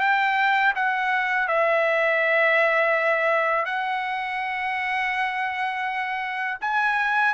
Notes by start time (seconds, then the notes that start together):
0.00 G5
0.75 F#5
1.48 E5
3.65 F#5
6.61 G#5